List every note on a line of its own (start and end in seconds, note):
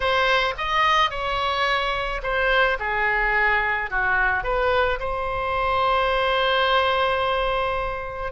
0.00 0.54 C5
0.57 1.10 D#5
1.10 2.21 C#5
2.22 2.78 C5
2.79 3.90 G#4
3.90 4.43 F#4
4.43 4.99 B4
4.99 8.32 C5